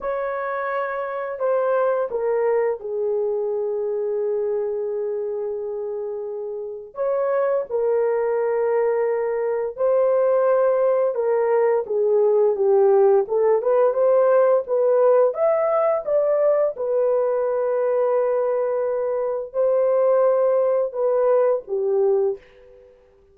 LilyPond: \new Staff \with { instrumentName = "horn" } { \time 4/4 \tempo 4 = 86 cis''2 c''4 ais'4 | gis'1~ | gis'2 cis''4 ais'4~ | ais'2 c''2 |
ais'4 gis'4 g'4 a'8 b'8 | c''4 b'4 e''4 d''4 | b'1 | c''2 b'4 g'4 | }